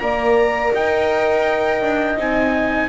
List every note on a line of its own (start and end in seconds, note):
0.00 0.73 A#3
0.00 2.17 A#4
0.00 0.73 D5
0.00 0.72 A#5
0.73 1.82 D#4
0.73 2.89 D#5
0.73 2.20 G5
1.82 2.18 D4
2.17 2.89 C4
2.17 2.89 D#4
2.17 2.89 G#5